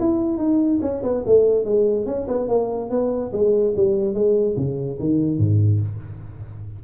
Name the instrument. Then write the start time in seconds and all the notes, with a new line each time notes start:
tuba
0.00 E4
0.38 D#4
0.82 C#4
1.03 B3
1.26 A3
1.65 G#3
2.06 C#4
2.28 B3
2.48 A#3
2.90 B3
3.33 G#3
3.76 G3
4.14 G#3
4.57 C#3
5.00 D#3
5.38 G#2